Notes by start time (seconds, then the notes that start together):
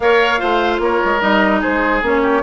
0.00 A#3 A#4 C#5 F5
0.38 A3 F4 C5
0.79 A#3 A#4 C#5
1.04 G#3
1.20 G3 D#4 D#5
1.60 G#4 C5
1.66 G#3
2.02 A#3 C#4 C#5
2.21 G4